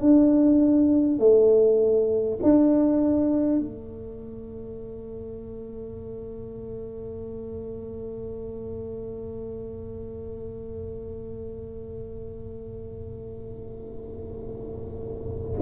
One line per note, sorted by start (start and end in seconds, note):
0.00 1.19 D4
1.19 2.39 A3
2.43 3.59 D4
3.59 15.59 A3